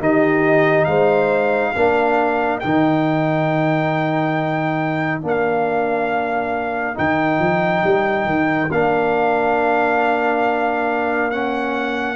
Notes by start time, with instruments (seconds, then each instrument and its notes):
0.00 tuba D#3, trombone D#4, horn G4, trumpet D#5
0.85 tuba G#3, horn C5, trumpet F5
1.74 tuba A#3, trombone D4, horn A#4
2.60 tuba D#3, trombone D#4, trumpet G5
5.21 tuba A#3, trombone D4
5.28 trumpet F5
6.95 tuba D#3, trombone D#4, trumpet G5
7.39 tuba F3
7.84 tuba G3
8.25 tuba D#3
8.71 tuba A#3, trombone D4, trumpet F5
11.31 trombone C#4, trumpet F#5